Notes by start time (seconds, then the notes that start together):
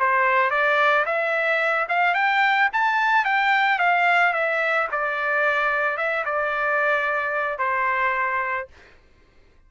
0.00 C5
0.51 D5
1.06 E5
1.89 F5
2.15 G5
2.73 A5
3.25 G5
3.79 F5
4.34 E5
4.92 D5
5.98 E5
6.26 D5
7.59 C5